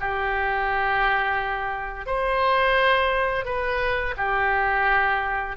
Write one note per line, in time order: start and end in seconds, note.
0.00 2.06 G4
2.06 3.45 C5
3.45 4.14 B4
4.17 5.56 G4